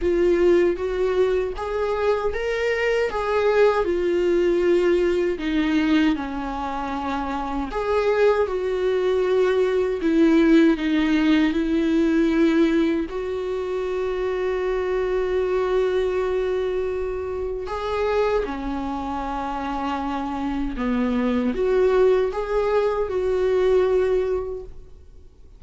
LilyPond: \new Staff \with { instrumentName = "viola" } { \time 4/4 \tempo 4 = 78 f'4 fis'4 gis'4 ais'4 | gis'4 f'2 dis'4 | cis'2 gis'4 fis'4~ | fis'4 e'4 dis'4 e'4~ |
e'4 fis'2.~ | fis'2. gis'4 | cis'2. b4 | fis'4 gis'4 fis'2 | }